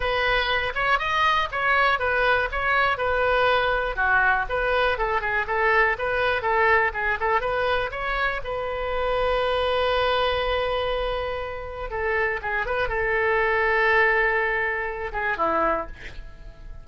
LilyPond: \new Staff \with { instrumentName = "oboe" } { \time 4/4 \tempo 4 = 121 b'4. cis''8 dis''4 cis''4 | b'4 cis''4 b'2 | fis'4 b'4 a'8 gis'8 a'4 | b'4 a'4 gis'8 a'8 b'4 |
cis''4 b'2.~ | b'1 | a'4 gis'8 b'8 a'2~ | a'2~ a'8 gis'8 e'4 | }